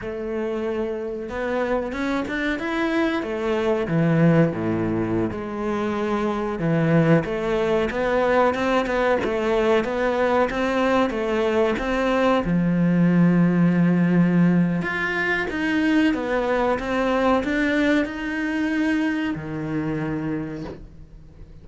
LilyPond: \new Staff \with { instrumentName = "cello" } { \time 4/4 \tempo 4 = 93 a2 b4 cis'8 d'8 | e'4 a4 e4 a,4~ | a,16 gis2 e4 a8.~ | a16 b4 c'8 b8 a4 b8.~ |
b16 c'4 a4 c'4 f8.~ | f2. f'4 | dis'4 b4 c'4 d'4 | dis'2 dis2 | }